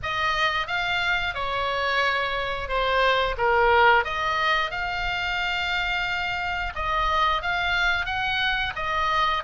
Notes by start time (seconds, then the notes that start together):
0.02 D#5
0.67 F5
1.34 C#5
2.68 C5
3.37 A#4
4.04 D#5
4.70 F5
6.75 D#5
7.42 F5
8.05 F#5
8.75 D#5